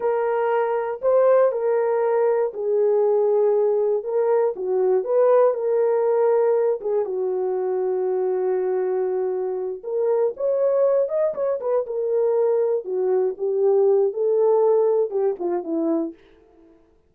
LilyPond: \new Staff \with { instrumentName = "horn" } { \time 4/4 \tempo 4 = 119 ais'2 c''4 ais'4~ | ais'4 gis'2. | ais'4 fis'4 b'4 ais'4~ | ais'4. gis'8 fis'2~ |
fis'2.~ fis'8 ais'8~ | ais'8 cis''4. dis''8 cis''8 b'8 ais'8~ | ais'4. fis'4 g'4. | a'2 g'8 f'8 e'4 | }